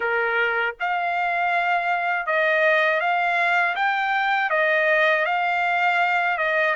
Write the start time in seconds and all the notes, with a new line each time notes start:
0.00 A#4
0.80 F5
2.26 D#5
3.00 F5
3.75 G5
4.50 D#5
5.25 F5
6.38 D#5